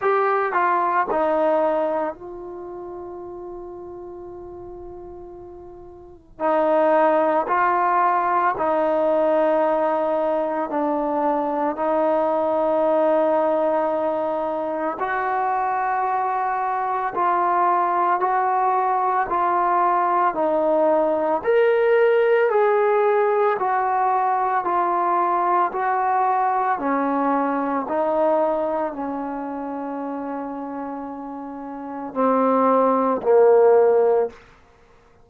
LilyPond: \new Staff \with { instrumentName = "trombone" } { \time 4/4 \tempo 4 = 56 g'8 f'8 dis'4 f'2~ | f'2 dis'4 f'4 | dis'2 d'4 dis'4~ | dis'2 fis'2 |
f'4 fis'4 f'4 dis'4 | ais'4 gis'4 fis'4 f'4 | fis'4 cis'4 dis'4 cis'4~ | cis'2 c'4 ais4 | }